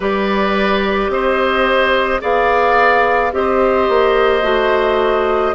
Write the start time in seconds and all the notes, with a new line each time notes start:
0.00 G3 G4 B4 D5
1.08 C4 C5 D#5
2.20 B3 G#4 D5 F5
3.32 C4 G4 C5 D#5
3.88 A#3
4.42 A3 F#4